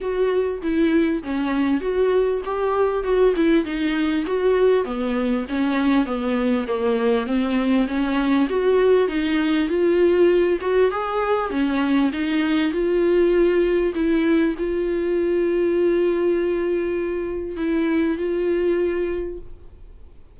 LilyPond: \new Staff \with { instrumentName = "viola" } { \time 4/4 \tempo 4 = 99 fis'4 e'4 cis'4 fis'4 | g'4 fis'8 e'8 dis'4 fis'4 | b4 cis'4 b4 ais4 | c'4 cis'4 fis'4 dis'4 |
f'4. fis'8 gis'4 cis'4 | dis'4 f'2 e'4 | f'1~ | f'4 e'4 f'2 | }